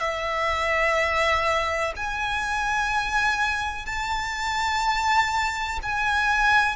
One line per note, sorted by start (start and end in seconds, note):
0.00 1.94 E5
1.96 3.86 G#5
3.86 5.80 A5
5.83 6.77 G#5